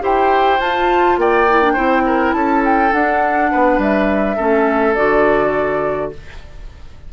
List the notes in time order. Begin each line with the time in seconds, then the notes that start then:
0.00 E4 G4 C5 G5
0.60 F4 A5
1.17 A#3 D5 G5
1.49 E4
1.62 D4
1.73 C4 E4 C5
2.06 A#4
2.32 C#4 A4 A5
2.65 G5
2.92 D4 F#5
3.51 B3 B4
3.78 G3 E5
4.36 A3 C#4 A4
4.94 D3 F#4 D5